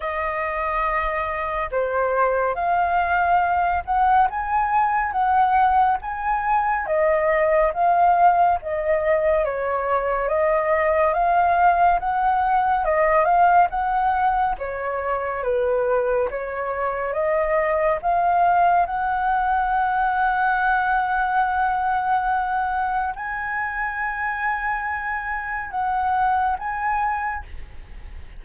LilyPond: \new Staff \with { instrumentName = "flute" } { \time 4/4 \tempo 4 = 70 dis''2 c''4 f''4~ | f''8 fis''8 gis''4 fis''4 gis''4 | dis''4 f''4 dis''4 cis''4 | dis''4 f''4 fis''4 dis''8 f''8 |
fis''4 cis''4 b'4 cis''4 | dis''4 f''4 fis''2~ | fis''2. gis''4~ | gis''2 fis''4 gis''4 | }